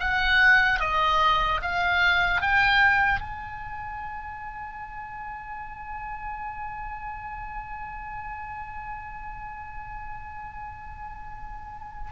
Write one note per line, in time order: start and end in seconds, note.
0.00 0.80 F#5
0.80 1.61 D#5
1.62 2.41 F5
2.41 3.21 G5
3.21 12.12 G#5